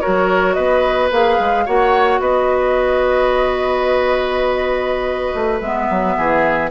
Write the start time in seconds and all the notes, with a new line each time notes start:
0.00 F#4 A#4 C#5
0.06 F#3
0.53 B3 B4 D#5
1.11 A#3 G#4 F5
1.39 G#3
1.65 A#3 F#4 C#5 F#5
2.19 B3 B4 D#5
5.34 A3
5.60 G#3 B3 E5
5.89 F#3
6.17 E3 G#4